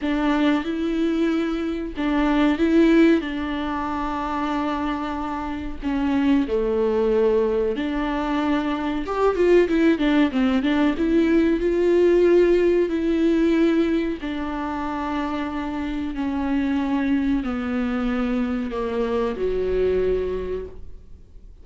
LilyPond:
\new Staff \with { instrumentName = "viola" } { \time 4/4 \tempo 4 = 93 d'4 e'2 d'4 | e'4 d'2.~ | d'4 cis'4 a2 | d'2 g'8 f'8 e'8 d'8 |
c'8 d'8 e'4 f'2 | e'2 d'2~ | d'4 cis'2 b4~ | b4 ais4 fis2 | }